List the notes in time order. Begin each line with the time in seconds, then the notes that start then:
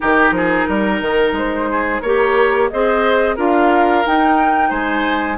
0.00 D#3 D#4 G4 A#4
0.31 F3 G#4
0.68 G3 A#4
1.01 D#3
1.32 G#3 C5
1.71 G#4
2.00 A#3 G4 A#4 C#5
2.69 C4 G#4 C5 D#5
3.36 D4 F4 A#4 F5
4.05 D#4 G5
4.69 G#3 C5 G#5